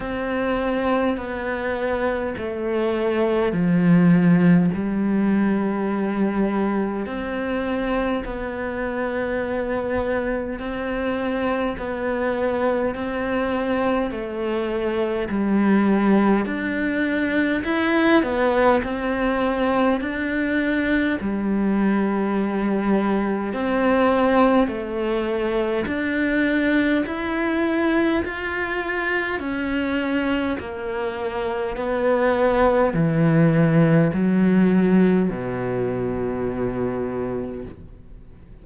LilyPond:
\new Staff \with { instrumentName = "cello" } { \time 4/4 \tempo 4 = 51 c'4 b4 a4 f4 | g2 c'4 b4~ | b4 c'4 b4 c'4 | a4 g4 d'4 e'8 b8 |
c'4 d'4 g2 | c'4 a4 d'4 e'4 | f'4 cis'4 ais4 b4 | e4 fis4 b,2 | }